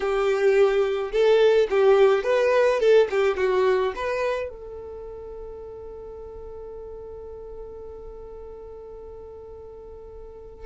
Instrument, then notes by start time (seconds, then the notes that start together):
violin
0.00 G4
1.12 A4
1.70 G4
2.23 B4
2.79 A4
3.10 G4
3.37 F#4
3.95 B4
4.49 A4